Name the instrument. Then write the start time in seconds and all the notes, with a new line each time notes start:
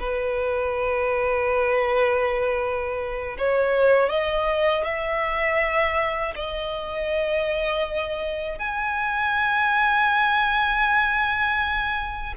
violin
0.00 B4
3.38 C#5
4.09 D#5
4.84 E5
6.36 D#5
8.59 G#5